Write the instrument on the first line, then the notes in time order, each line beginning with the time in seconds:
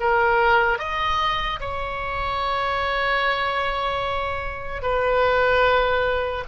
oboe
0.00 A#4
0.79 D#5
1.60 C#5
4.82 B4